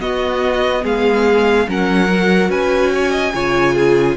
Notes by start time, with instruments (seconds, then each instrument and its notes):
0.00 viola B3, cello B3, violin F#4 D#5
0.83 cello G#3, violin G#4 F5
1.68 cello F#3, viola C#4, violin A#4 F#5
2.07 viola F#4
2.49 cello C#4, violin B4 G#5
2.94 violin C#5
3.11 violin D#5
3.33 cello C#3, viola F4, violin C#5
3.74 violin G#4